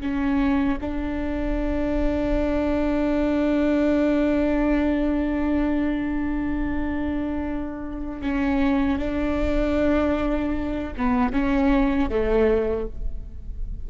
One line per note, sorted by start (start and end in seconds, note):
0.00 0.78 C#4
0.80 8.21 D4
8.21 8.98 C#4
8.98 10.93 D4
10.97 11.32 B3
11.32 12.09 C#4
12.09 12.87 A3